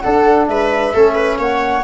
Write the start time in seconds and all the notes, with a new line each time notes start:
0.00 D4 A4 F#5
0.47 G#3 B4 E5
0.94 A3 C#4 A4
1.14 B4
1.38 A#3 C#5 F#5